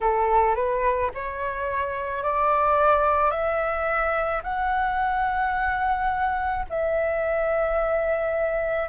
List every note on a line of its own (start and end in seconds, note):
0.00 0.55 A4
0.55 1.10 B4
1.14 2.23 C#5
2.23 3.30 D5
3.30 4.41 E5
4.43 6.65 F#5
6.69 8.89 E5